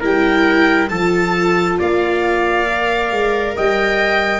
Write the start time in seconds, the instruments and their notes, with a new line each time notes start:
0.00 tuba G3, viola E4, trumpet A#4, violin G5
0.89 tuba F3, viola F4, trumpet A4, violin A5
1.79 tuba A#3, trumpet D5, violin F5
2.69 viola A#4
3.11 tuba G#3
3.56 tuba G3, trumpet D#5, violin G5